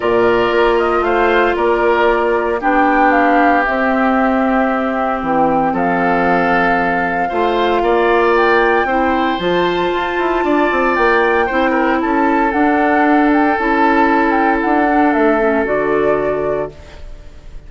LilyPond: <<
  \new Staff \with { instrumentName = "flute" } { \time 4/4 \tempo 4 = 115 d''4. dis''8 f''4 d''4~ | d''4 g''4 f''4 e''4~ | e''2 g''4 f''4~ | f''1 |
g''2 a''2~ | a''4 g''2 a''4 | fis''4. g''8 a''4. g''8 | fis''4 e''4 d''2 | }
  \new Staff \with { instrumentName = "oboe" } { \time 4/4 ais'2 c''4 ais'4~ | ais'4 g'2.~ | g'2. a'4~ | a'2 c''4 d''4~ |
d''4 c''2. | d''2 c''8 ais'8 a'4~ | a'1~ | a'1 | }
  \new Staff \with { instrumentName = "clarinet" } { \time 4/4 f'1~ | f'4 d'2 c'4~ | c'1~ | c'2 f'2~ |
f'4 e'4 f'2~ | f'2 e'2 | d'2 e'2~ | e'8 d'4 cis'8 fis'2 | }
  \new Staff \with { instrumentName = "bassoon" } { \time 4/4 ais,4 ais4 a4 ais4~ | ais4 b2 c'4~ | c'2 e4 f4~ | f2 a4 ais4~ |
ais4 c'4 f4 f'8 e'8 | d'8 c'8 ais4 c'4 cis'4 | d'2 cis'2 | d'4 a4 d2 | }
>>